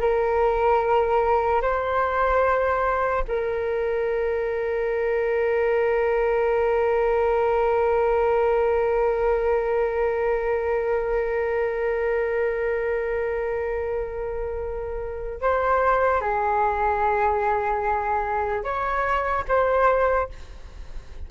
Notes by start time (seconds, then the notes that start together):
0.00 A#4
1.62 C5
3.27 A#4
15.41 C5
16.21 G#4
18.63 C#5
19.48 C5